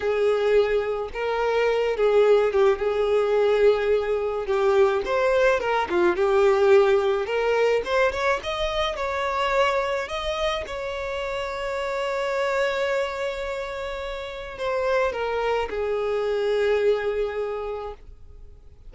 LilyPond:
\new Staff \with { instrumentName = "violin" } { \time 4/4 \tempo 4 = 107 gis'2 ais'4. gis'8~ | gis'8 g'8 gis'2. | g'4 c''4 ais'8 f'8 g'4~ | g'4 ais'4 c''8 cis''8 dis''4 |
cis''2 dis''4 cis''4~ | cis''1~ | cis''2 c''4 ais'4 | gis'1 | }